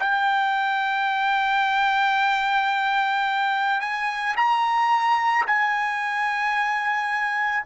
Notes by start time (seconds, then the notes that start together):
0.00 G5
3.81 G#5
4.37 A#5
5.46 G#5